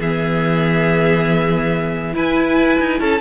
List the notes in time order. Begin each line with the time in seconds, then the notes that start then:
0.00 E3 B3 G#4 E5
2.14 E4 B4 G#5
2.79 D#4
3.00 C#4 A4 A5